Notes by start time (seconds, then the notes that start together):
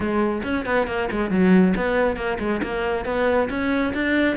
0.00 G#3
0.43 C#4
0.65 B3
0.87 A#3
1.11 G#3
1.30 F#3
1.76 B3
2.16 A#3
2.39 G#3
2.62 A#3
3.05 B3
3.49 C#4
3.93 D4